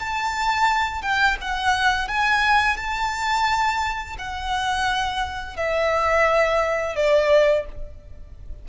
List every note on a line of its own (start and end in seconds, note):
0.00 1.02 A5
1.02 1.37 G5
1.41 2.08 F#5
2.08 2.77 G#5
2.77 4.17 A5
4.19 5.57 F#5
5.57 6.96 E5
6.96 7.66 D5